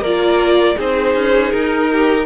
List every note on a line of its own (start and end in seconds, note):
0.00 0.75 A#3
0.00 0.75 F4
0.00 0.76 A#4
0.00 0.78 D5
0.75 1.14 C4
0.75 2.25 D#4
0.75 1.89 G#4
0.75 1.51 C5
1.14 1.52 C#4
1.51 2.26 D#4
1.51 2.26 A#4
1.92 2.26 G4